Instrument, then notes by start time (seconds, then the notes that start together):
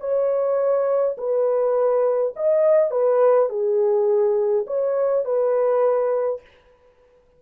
horn
0.00 C#5
1.18 B4
2.36 D#5
2.91 B4
3.49 G#4
4.67 C#5
5.25 B4